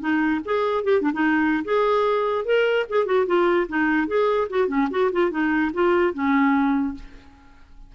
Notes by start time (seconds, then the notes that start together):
0.00 D#4
0.45 G#4
0.84 G4
1.01 D4
1.13 D#4
1.65 G#4
2.45 A#4
2.89 G#4
3.06 F#4
3.27 F4
3.69 D#4
4.07 G#4
4.50 F#4
4.68 C#4
4.91 F#4
5.12 F4
5.31 D#4
5.73 F4
6.14 C#4